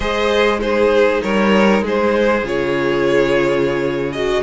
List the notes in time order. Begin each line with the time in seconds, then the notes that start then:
0.00 G#3 G#4 C5 D#5
0.59 D#4 G#4 C5
1.22 G3 A#4 C#5
1.81 G#3 G#4
1.87 C5
2.42 C#3 F4 C#5
4.12 F#4 D#5